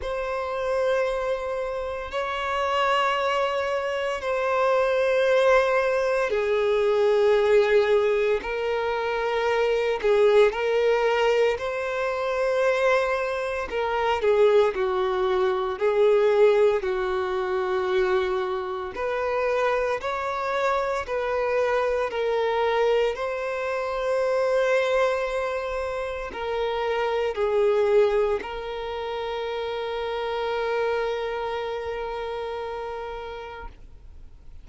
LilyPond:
\new Staff \with { instrumentName = "violin" } { \time 4/4 \tempo 4 = 57 c''2 cis''2 | c''2 gis'2 | ais'4. gis'8 ais'4 c''4~ | c''4 ais'8 gis'8 fis'4 gis'4 |
fis'2 b'4 cis''4 | b'4 ais'4 c''2~ | c''4 ais'4 gis'4 ais'4~ | ais'1 | }